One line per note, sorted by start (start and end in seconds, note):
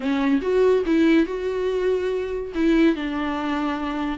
0.00 0.40 C#4
0.41 0.83 F#4
0.86 1.26 E4
1.26 2.52 F#4
2.54 2.95 E4
2.95 4.18 D4